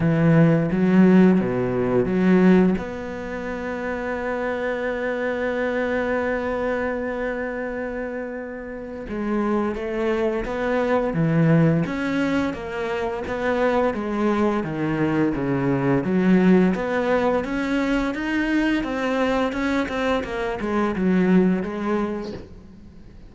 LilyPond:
\new Staff \with { instrumentName = "cello" } { \time 4/4 \tempo 4 = 86 e4 fis4 b,4 fis4 | b1~ | b1~ | b4 gis4 a4 b4 |
e4 cis'4 ais4 b4 | gis4 dis4 cis4 fis4 | b4 cis'4 dis'4 c'4 | cis'8 c'8 ais8 gis8 fis4 gis4 | }